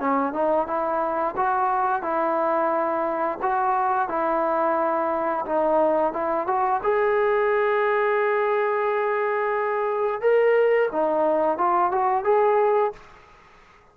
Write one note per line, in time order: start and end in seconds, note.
0.00 0.33 C#4
0.33 0.67 D#4
0.67 1.35 E4
1.37 2.02 F#4
2.02 3.39 E4
3.43 4.09 F#4
4.09 5.45 E4
5.46 6.13 D#4
6.13 6.47 E4
6.47 6.81 F#4
6.83 10.21 G#4
10.21 10.89 A#4
10.92 11.58 D#4
11.58 11.92 F4
11.92 12.24 F#4
12.24 12.93 G#4